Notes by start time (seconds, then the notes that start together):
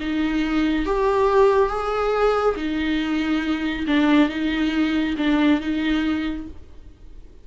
0.00 D#4
0.86 G4
1.69 G#4
2.56 D#4
3.87 D4
4.29 D#4
5.17 D4
5.61 D#4